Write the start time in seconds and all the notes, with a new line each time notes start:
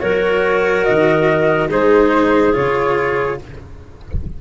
0.00 F#3 F#4 A#4 C#5
0.84 D#3 D#5
1.70 G#3 D#4 G#4 C5
2.53 C#3 F4 C#5